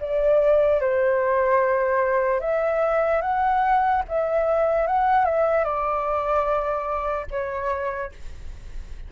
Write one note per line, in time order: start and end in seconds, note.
0.00 0.80 D5
0.80 2.40 C5
2.40 3.21 E5
3.21 4.02 F#5
4.08 4.87 E5
4.87 5.25 F#5
5.25 5.64 E5
5.64 7.26 D5
7.31 8.12 C#5